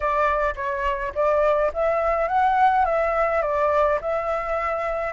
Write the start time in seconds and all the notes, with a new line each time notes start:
0.00 D5
0.55 C#5
1.14 D5
1.73 E5
2.28 F#5
2.85 E5
3.42 D5
4.01 E5